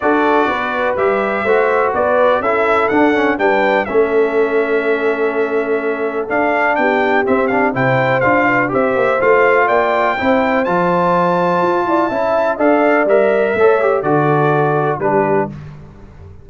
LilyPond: <<
  \new Staff \with { instrumentName = "trumpet" } { \time 4/4 \tempo 4 = 124 d''2 e''2 | d''4 e''4 fis''4 g''4 | e''1~ | e''4 f''4 g''4 e''8 f''8 |
g''4 f''4 e''4 f''4 | g''2 a''2~ | a''2 f''4 e''4~ | e''4 d''2 b'4 | }
  \new Staff \with { instrumentName = "horn" } { \time 4/4 a'4 b'2 c''4 | b'4 a'2 b'4 | a'1~ | a'2 g'2 |
c''4. b'8 c''2 | d''4 c''2.~ | c''8 d''8 e''4 d''2 | cis''4 a'2 g'4 | }
  \new Staff \with { instrumentName = "trombone" } { \time 4/4 fis'2 g'4 fis'4~ | fis'4 e'4 d'8 cis'8 d'4 | cis'1~ | cis'4 d'2 c'8 d'8 |
e'4 f'4 g'4 f'4~ | f'4 e'4 f'2~ | f'4 e'4 a'4 ais'4 | a'8 g'8 fis'2 d'4 | }
  \new Staff \with { instrumentName = "tuba" } { \time 4/4 d'4 b4 g4 a4 | b4 cis'4 d'4 g4 | a1~ | a4 d'4 b4 c'4 |
c4 d'4 c'8 ais8 a4 | ais4 c'4 f2 | f'8 e'8 cis'4 d'4 g4 | a4 d2 g4 | }
>>